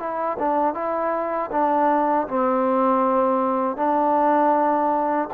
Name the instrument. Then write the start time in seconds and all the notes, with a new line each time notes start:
trombone
0.00 E4
0.39 D4
0.75 E4
1.52 D4
2.29 C4
3.77 D4